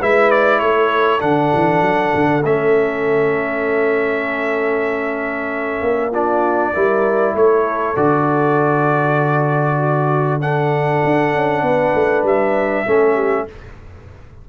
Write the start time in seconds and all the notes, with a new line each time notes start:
0.00 G#3 E4 B4 E5
0.31 D5
0.59 A3 A4 C#5
1.20 D3 D4 F#5
1.55 E3
1.82 F#3
2.15 D3
2.45 A3 C#4 E5
5.81 A#3
6.11 D4 F4 D5
6.74 G3 E4 A#4
7.34 A3 A4 C#5
7.96 D3 F#4 D5
9.79 F#4
10.42 D4 A4 F#5
11.05 D4
11.35 C#4
11.63 B3 B4
11.95 A3
12.23 G3 E5
12.87 A3 C#4 A4
13.14 G4